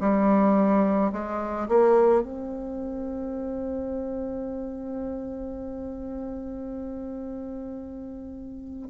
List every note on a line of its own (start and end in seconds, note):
0.00 1.11 G3
1.12 1.68 G#3
1.68 2.22 A#3
2.22 8.88 C4